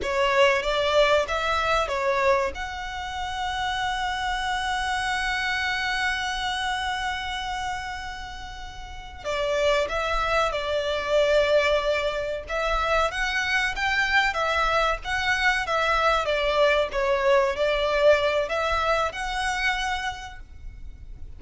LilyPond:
\new Staff \with { instrumentName = "violin" } { \time 4/4 \tempo 4 = 94 cis''4 d''4 e''4 cis''4 | fis''1~ | fis''1~ | fis''2~ fis''8 d''4 e''8~ |
e''8 d''2. e''8~ | e''8 fis''4 g''4 e''4 fis''8~ | fis''8 e''4 d''4 cis''4 d''8~ | d''4 e''4 fis''2 | }